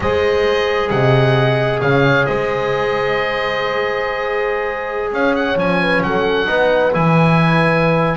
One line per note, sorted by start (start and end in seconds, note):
0.00 0.90 G#3
0.00 5.57 G#4
0.00 0.92 C5
0.00 0.89 D#5
0.89 1.81 C3
0.89 1.82 D#5
0.89 1.80 F#5
1.80 2.27 C#3
1.80 2.27 C#5
1.80 2.25 F5
2.25 5.11 G#3
2.25 5.11 C5
2.25 5.09 D#5
5.11 5.55 C#4
5.11 5.81 C#5
5.11 5.34 F5
5.34 5.57 F#5
5.55 6.01 F3
5.55 6.46 C#4
5.55 6.02 G#5
5.81 6.04 B4
6.02 6.47 F#3
6.02 6.48 A4
6.02 6.93 F#5
6.46 6.94 B3
6.46 6.92 D#4
6.46 8.17 B4
6.92 8.17 E3
6.92 8.17 E4
6.92 8.17 G#5